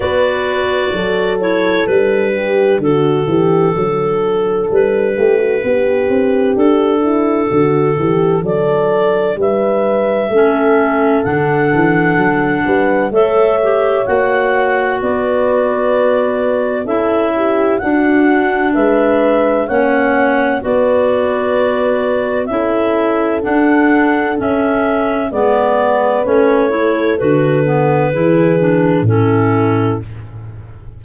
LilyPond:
<<
  \new Staff \with { instrumentName = "clarinet" } { \time 4/4 \tempo 4 = 64 d''4. cis''8 b'4 a'4~ | a'4 b'2 a'4~ | a'4 d''4 e''2 | fis''2 e''4 fis''4 |
d''2 e''4 fis''4 | e''4 fis''4 d''2 | e''4 fis''4 e''4 d''4 | cis''4 b'2 a'4 | }
  \new Staff \with { instrumentName = "horn" } { \time 4/4 b'4 a'4. g'8 fis'8 g'8 | a'4. g'16 fis'16 g'4. e'8 | fis'8 g'8 a'4 b'4 a'4~ | a'4. b'8 cis''2 |
b'2 a'8 g'8 fis'4 | b'4 cis''4 b'2 | a'2. b'4~ | b'8 a'4. gis'4 e'4 | }
  \new Staff \with { instrumentName = "clarinet" } { \time 4/4 fis'4. e'8 d'2~ | d'1~ | d'2. cis'4 | d'2 a'8 g'8 fis'4~ |
fis'2 e'4 d'4~ | d'4 cis'4 fis'2 | e'4 d'4 cis'4 b4 | cis'8 e'8 fis'8 b8 e'8 d'8 cis'4 | }
  \new Staff \with { instrumentName = "tuba" } { \time 4/4 b4 fis4 g4 d8 e8 | fis4 g8 a8 b8 c'8 d'4 | d8 e8 fis4 g4 a4 | d8 e8 fis8 g8 a4 ais4 |
b2 cis'4 d'4 | gis4 ais4 b2 | cis'4 d'4 cis'4 gis4 | a4 d4 e4 a,4 | }
>>